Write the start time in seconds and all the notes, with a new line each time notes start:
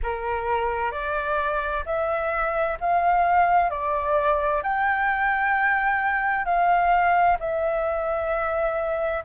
0.03 A#4
0.91 D5
1.85 E5
2.80 F5
3.70 D5
4.62 G5
6.44 F5
7.39 E5